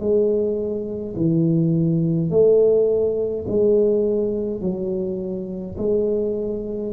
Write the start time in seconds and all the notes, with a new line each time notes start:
0.00 G#3
1.16 E3
2.30 A3
3.48 G#3
4.61 F#3
5.78 G#3